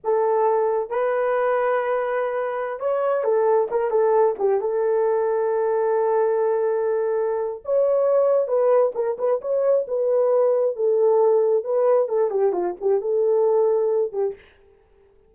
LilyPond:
\new Staff \with { instrumentName = "horn" } { \time 4/4 \tempo 4 = 134 a'2 b'2~ | b'2~ b'16 cis''4 a'8.~ | a'16 ais'8 a'4 g'8 a'4.~ a'16~ | a'1~ |
a'4 cis''2 b'4 | ais'8 b'8 cis''4 b'2 | a'2 b'4 a'8 g'8 | f'8 g'8 a'2~ a'8 g'8 | }